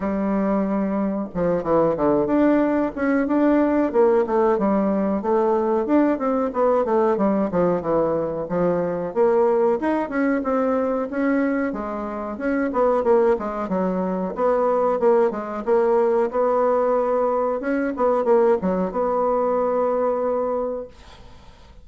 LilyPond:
\new Staff \with { instrumentName = "bassoon" } { \time 4/4 \tempo 4 = 92 g2 f8 e8 d8 d'8~ | d'8 cis'8 d'4 ais8 a8 g4 | a4 d'8 c'8 b8 a8 g8 f8 | e4 f4 ais4 dis'8 cis'8 |
c'4 cis'4 gis4 cis'8 b8 | ais8 gis8 fis4 b4 ais8 gis8 | ais4 b2 cis'8 b8 | ais8 fis8 b2. | }